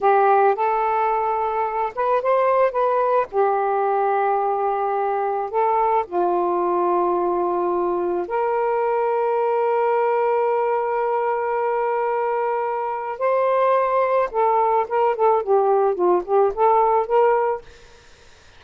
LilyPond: \new Staff \with { instrumentName = "saxophone" } { \time 4/4 \tempo 4 = 109 g'4 a'2~ a'8 b'8 | c''4 b'4 g'2~ | g'2 a'4 f'4~ | f'2. ais'4~ |
ais'1~ | ais'1 | c''2 a'4 ais'8 a'8 | g'4 f'8 g'8 a'4 ais'4 | }